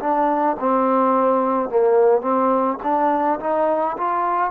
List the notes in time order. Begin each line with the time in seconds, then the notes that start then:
0.00 D4
0.60 C4
1.70 A#3
2.22 C4
2.83 D4
3.40 D#4
3.98 F4